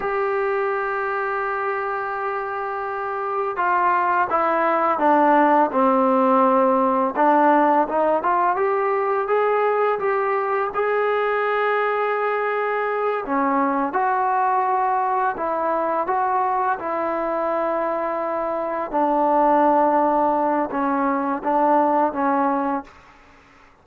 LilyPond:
\new Staff \with { instrumentName = "trombone" } { \time 4/4 \tempo 4 = 84 g'1~ | g'4 f'4 e'4 d'4 | c'2 d'4 dis'8 f'8 | g'4 gis'4 g'4 gis'4~ |
gis'2~ gis'8 cis'4 fis'8~ | fis'4. e'4 fis'4 e'8~ | e'2~ e'8 d'4.~ | d'4 cis'4 d'4 cis'4 | }